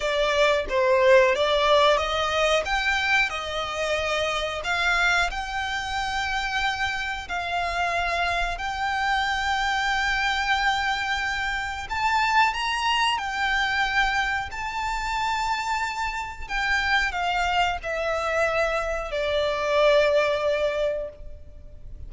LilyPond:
\new Staff \with { instrumentName = "violin" } { \time 4/4 \tempo 4 = 91 d''4 c''4 d''4 dis''4 | g''4 dis''2 f''4 | g''2. f''4~ | f''4 g''2.~ |
g''2 a''4 ais''4 | g''2 a''2~ | a''4 g''4 f''4 e''4~ | e''4 d''2. | }